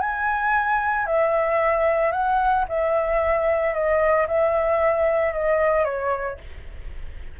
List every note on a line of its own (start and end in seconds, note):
0.00 1.06 G#5
1.06 2.12 E5
2.12 2.65 F#5
2.69 3.74 E5
3.74 4.27 D#5
4.27 5.33 E5
5.33 5.85 D#5
5.85 6.38 C#5